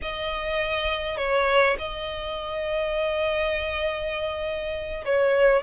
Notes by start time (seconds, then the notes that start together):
0.01 D#5
1.17 C#5
1.78 D#5
5.05 C#5